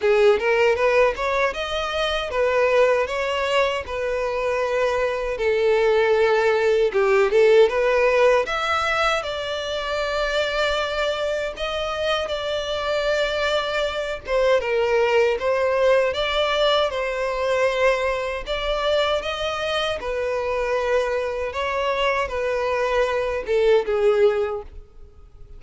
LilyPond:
\new Staff \with { instrumentName = "violin" } { \time 4/4 \tempo 4 = 78 gis'8 ais'8 b'8 cis''8 dis''4 b'4 | cis''4 b'2 a'4~ | a'4 g'8 a'8 b'4 e''4 | d''2. dis''4 |
d''2~ d''8 c''8 ais'4 | c''4 d''4 c''2 | d''4 dis''4 b'2 | cis''4 b'4. a'8 gis'4 | }